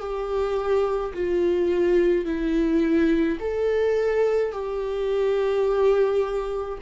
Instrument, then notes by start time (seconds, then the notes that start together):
viola
0.00 G4
1.14 F4
2.25 E4
3.40 A4
4.52 G4